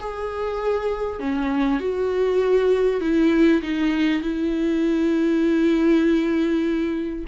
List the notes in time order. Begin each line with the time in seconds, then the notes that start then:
0.00 G#4
1.20 C#4
1.81 F#4
3.01 E4
3.63 D#4
4.22 E4